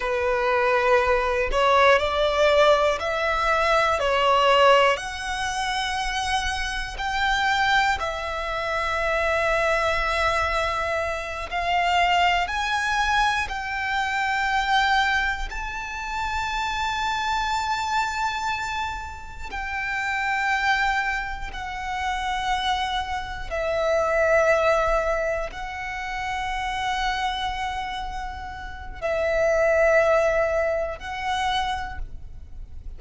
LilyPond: \new Staff \with { instrumentName = "violin" } { \time 4/4 \tempo 4 = 60 b'4. cis''8 d''4 e''4 | cis''4 fis''2 g''4 | e''2.~ e''8 f''8~ | f''8 gis''4 g''2 a''8~ |
a''2.~ a''8 g''8~ | g''4. fis''2 e''8~ | e''4. fis''2~ fis''8~ | fis''4 e''2 fis''4 | }